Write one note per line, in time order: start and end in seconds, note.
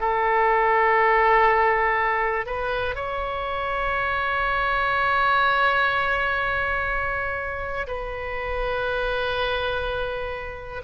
0.00 2.46 A4
2.46 2.95 B4
2.95 7.87 C#5
7.87 10.82 B4